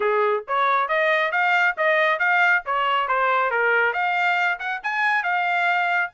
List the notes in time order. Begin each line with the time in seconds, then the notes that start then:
0.00 G#4
0.47 C#5
0.88 D#5
1.31 F5
1.77 D#5
2.19 F5
2.65 C#5
3.08 C5
3.50 A#4
3.93 F5
4.59 F#5
4.83 G#5
5.23 F5